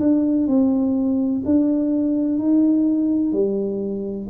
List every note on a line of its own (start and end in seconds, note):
0.00 0.48 D4
0.48 1.43 C4
1.45 2.39 D4
2.39 3.32 D#4
3.32 4.28 G3